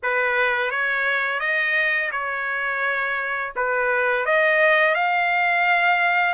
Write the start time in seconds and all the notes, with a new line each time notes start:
0.02 B4
0.71 C#5
1.40 D#5
2.11 C#5
3.56 B4
4.25 D#5
4.94 F5